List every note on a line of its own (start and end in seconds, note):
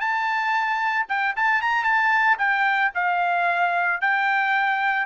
0.00 1.06 A5
1.09 1.35 G5
1.36 1.61 A5
1.61 1.84 A#5
1.84 2.37 A5
2.38 2.91 G5
2.95 4.01 F5
4.01 5.06 G5